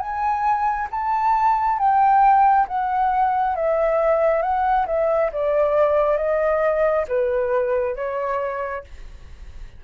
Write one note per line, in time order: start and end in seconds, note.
0.00 0.88 G#5
0.91 1.79 A5
1.79 2.67 G5
2.68 3.56 F#5
3.56 4.42 E5
4.42 4.86 F#5
4.87 5.31 E5
5.33 6.18 D5
6.18 7.06 D#5
7.08 7.96 B4
7.96 8.84 C#5